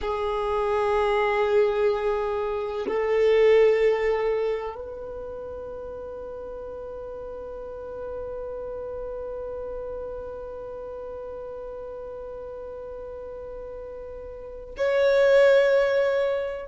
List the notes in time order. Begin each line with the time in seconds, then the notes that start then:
0.01 G#4
2.87 A4
4.74 B4
14.77 C#5